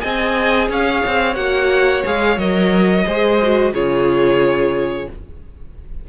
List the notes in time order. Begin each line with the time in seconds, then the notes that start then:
0.00 C4 G#4 D#5 G#5
0.69 C#4 C#5 F5
1.07 C4
1.35 A#3 F#4 F#5
2.05 G#3 G#4 F5
2.37 F#3 A#4 D#5
3.06 G#3 G#4 C5
3.43 F#4
3.73 C#3 F4 G#4 C#5